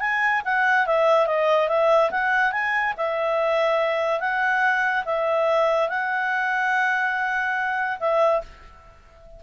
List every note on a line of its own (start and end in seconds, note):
0.00 0.42 G#5
0.45 0.86 F#5
0.86 1.26 E5
1.26 1.68 D#5
1.68 2.10 E5
2.11 2.52 F#5
2.52 2.94 G#5
2.97 4.20 E5
4.20 5.04 F#5
5.05 5.89 E5
5.89 7.98 F#5
7.99 8.41 E5